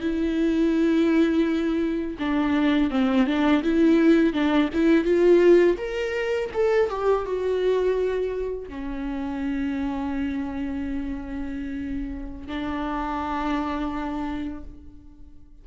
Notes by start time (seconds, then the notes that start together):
0.00 E4
2.19 D4
2.90 C4
3.27 D4
3.63 E4
4.33 D4
4.73 E4
5.04 F4
5.77 A#4
6.54 A4
6.90 G4
7.26 F#4
8.68 C#4
12.47 D4